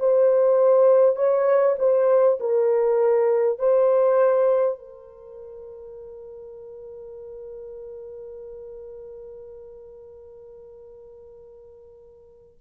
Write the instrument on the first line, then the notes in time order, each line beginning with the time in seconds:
horn
0.00 C5
1.16 C#5
1.79 C5
2.41 A#4
3.59 C5
4.79 A#4